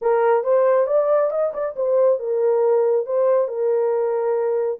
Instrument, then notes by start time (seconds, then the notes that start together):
horn
0.01 A#4
0.43 C5
0.87 D5
1.30 D#5
1.53 D5
1.75 C5
2.19 A#4
3.06 C5
3.48 A#4